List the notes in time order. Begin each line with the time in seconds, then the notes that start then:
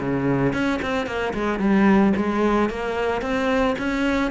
0.00 C#3
0.53 C#4
0.82 C4
1.06 A#3
1.33 G#3
1.59 G3
2.16 G#3
2.69 A#3
3.21 C4
3.78 C#4